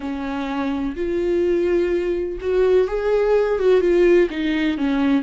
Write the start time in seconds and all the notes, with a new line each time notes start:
0.00 C#4
0.96 F4
2.40 F#4
2.87 G#4
3.59 F#4
3.81 F4
4.30 D#4
4.77 C#4